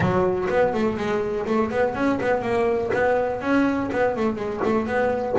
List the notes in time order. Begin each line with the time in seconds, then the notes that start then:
0.00 F#3
0.49 B3
0.73 A3
0.97 G#3
1.46 A3
1.70 B3
1.94 C#4
2.20 B3
2.42 A#3
2.93 B3
3.41 C#4
3.92 B3
4.16 A3
4.35 G#3
4.64 A3
4.86 B3